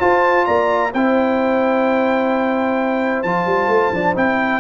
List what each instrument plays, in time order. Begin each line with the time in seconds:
0.00 trombone F4, tuba F4, horn C5, trumpet A5
0.45 tuba A#3, horn D5, trumpet A#5
0.92 tuba C4, trombone E4, horn C5, trumpet G5
3.23 tuba F3, trombone F4, trumpet A5
3.46 tuba G3
3.68 tuba A3
3.92 tuba F3, trombone D4
4.15 tuba C4, trombone E4, trumpet G5